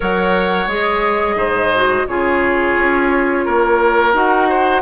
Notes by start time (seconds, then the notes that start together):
0.00 F#3 A#4 C#5 F#5
0.67 G#3 G#4 D#5
1.35 G#2 C5
1.74 F#4
2.07 C#3 F4 G#4 C#5
2.77 C#4
3.45 A#3 A#4
4.13 D#4 F#4 F#5
4.49 C5